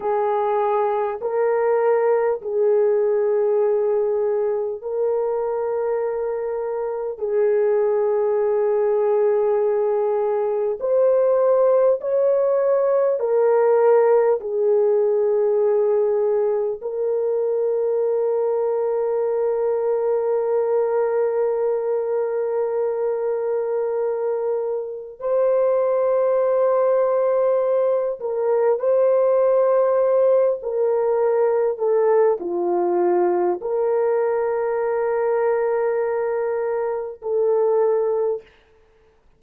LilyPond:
\new Staff \with { instrumentName = "horn" } { \time 4/4 \tempo 4 = 50 gis'4 ais'4 gis'2 | ais'2 gis'2~ | gis'4 c''4 cis''4 ais'4 | gis'2 ais'2~ |
ais'1~ | ais'4 c''2~ c''8 ais'8 | c''4. ais'4 a'8 f'4 | ais'2. a'4 | }